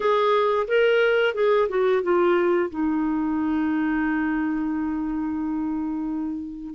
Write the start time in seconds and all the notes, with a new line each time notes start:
0.00 G#4
0.67 A#4
1.34 G#4
1.69 F#4
2.02 F4
2.70 D#4